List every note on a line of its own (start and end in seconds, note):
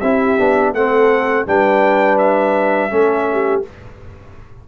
0.00 0.38 C4
0.00 0.38 E4
0.00 0.74 G4
0.00 0.72 E5
0.38 0.73 B3
0.38 0.74 D4
0.73 1.45 A3
0.73 1.46 C4
0.73 1.47 A4
0.73 1.46 F#5
1.46 2.91 G3
1.46 2.90 D4
1.46 2.91 B4
1.46 2.18 G5
2.18 3.62 E5
2.90 3.63 A3
2.90 3.62 C#4
2.90 3.27 A4
3.32 3.68 G4